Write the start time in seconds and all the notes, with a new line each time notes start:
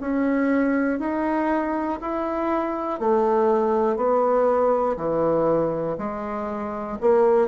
0.00 C#4
0.99 D#4
2.01 E4
3.00 A3
3.96 B3
4.96 E3
5.98 G#3
7.00 A#3